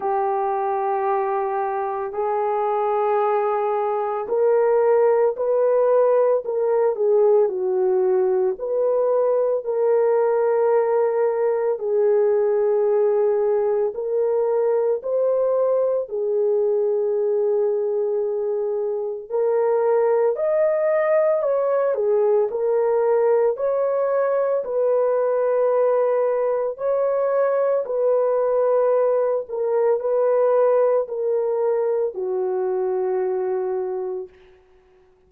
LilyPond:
\new Staff \with { instrumentName = "horn" } { \time 4/4 \tempo 4 = 56 g'2 gis'2 | ais'4 b'4 ais'8 gis'8 fis'4 | b'4 ais'2 gis'4~ | gis'4 ais'4 c''4 gis'4~ |
gis'2 ais'4 dis''4 | cis''8 gis'8 ais'4 cis''4 b'4~ | b'4 cis''4 b'4. ais'8 | b'4 ais'4 fis'2 | }